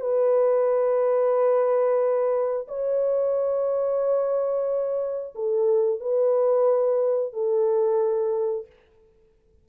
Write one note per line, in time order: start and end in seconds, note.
0.00 2.67 B4
2.67 5.34 C#5
5.35 6.00 A4
6.00 7.32 B4
7.32 8.66 A4